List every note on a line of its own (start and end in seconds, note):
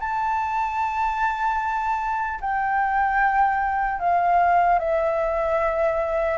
0.00 2.40 A5
2.41 4.00 G5
4.00 4.79 F5
4.79 6.38 E5